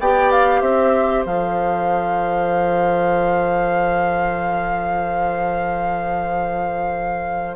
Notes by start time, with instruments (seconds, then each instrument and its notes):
0.00 bassoon B3, clarinet G4, oboe D5, flute G5
0.32 flute F5
0.61 bassoon C4, oboe C5, flute E5
1.26 bassoon F3, clarinet A4, flute F5